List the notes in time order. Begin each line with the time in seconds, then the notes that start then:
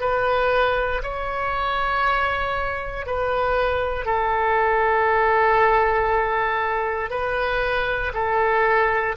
0.00 B4
1.03 C#5
3.06 B4
4.05 A4
7.10 B4
8.14 A4